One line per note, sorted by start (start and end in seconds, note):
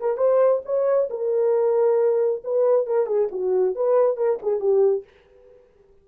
0.00 0.17 A#4
0.17 0.62 C5
0.65 1.09 C#5
1.10 2.42 A#4
2.44 2.87 B4
2.87 3.07 A#4
3.07 3.29 G#4
3.32 3.75 F#4
3.75 4.17 B4
4.17 4.39 A#4
4.43 4.60 G#4
4.60 5.04 G4